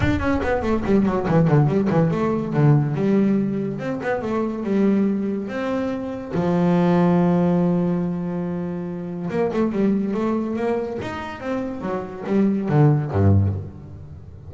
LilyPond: \new Staff \with { instrumentName = "double bass" } { \time 4/4 \tempo 4 = 142 d'8 cis'8 b8 a8 g8 fis8 e8 d8 | g8 e8 a4 d4 g4~ | g4 c'8 b8 a4 g4~ | g4 c'2 f4~ |
f1~ | f2 ais8 a8 g4 | a4 ais4 dis'4 c'4 | fis4 g4 d4 g,4 | }